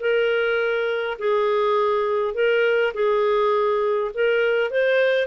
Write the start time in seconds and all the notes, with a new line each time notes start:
0.00 A#4
1.18 G#4
2.34 A#4
2.94 G#4
4.14 A#4
4.70 C5